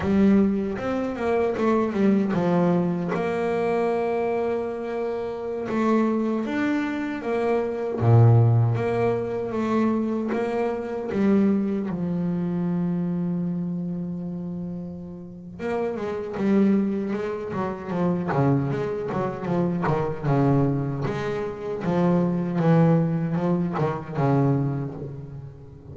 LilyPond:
\new Staff \with { instrumentName = "double bass" } { \time 4/4 \tempo 4 = 77 g4 c'8 ais8 a8 g8 f4 | ais2.~ ais16 a8.~ | a16 d'4 ais4 ais,4 ais8.~ | ais16 a4 ais4 g4 f8.~ |
f1 | ais8 gis8 g4 gis8 fis8 f8 cis8 | gis8 fis8 f8 dis8 cis4 gis4 | f4 e4 f8 dis8 cis4 | }